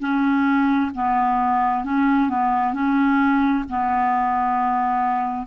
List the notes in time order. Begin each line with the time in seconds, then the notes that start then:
0.00 C#4
0.95 B3
1.84 C#4
2.30 B3
2.74 C#4
3.69 B3